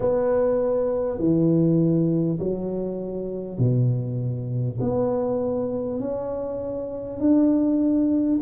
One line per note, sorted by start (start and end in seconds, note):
0.00 1.18 B3
1.18 2.38 E3
2.39 3.58 F#3
3.58 4.78 B2
4.80 5.99 B3
5.99 7.19 C#4
7.19 8.39 D4